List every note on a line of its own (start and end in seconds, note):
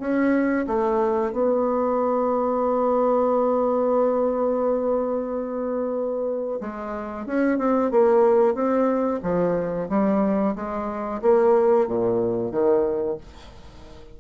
0.00 0.66 C#4
0.67 1.32 A3
1.32 6.60 B3
6.61 7.26 G#3
7.26 7.59 C#4
7.59 7.92 C4
7.92 8.55 A#3
8.55 9.21 C4
9.23 9.89 F3
9.89 10.55 G3
10.56 11.22 G#3
11.22 11.88 A#3
11.88 12.52 A#2
12.52 13.17 D#3